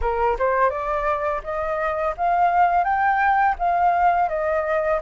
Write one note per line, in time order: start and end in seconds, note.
0.01 0.37 A#4
0.38 0.69 C5
0.69 1.41 D5
1.43 2.14 D#5
2.17 2.83 F5
2.83 3.55 G5
3.58 4.28 F5
4.28 5.00 D#5